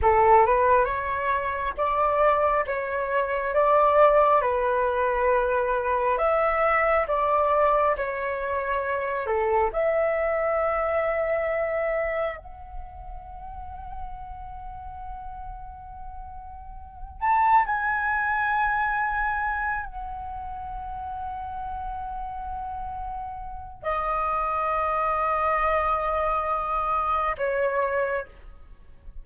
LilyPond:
\new Staff \with { instrumentName = "flute" } { \time 4/4 \tempo 4 = 68 a'8 b'8 cis''4 d''4 cis''4 | d''4 b'2 e''4 | d''4 cis''4. a'8 e''4~ | e''2 fis''2~ |
fis''2.~ fis''8 a''8 | gis''2~ gis''8 fis''4.~ | fis''2. dis''4~ | dis''2. cis''4 | }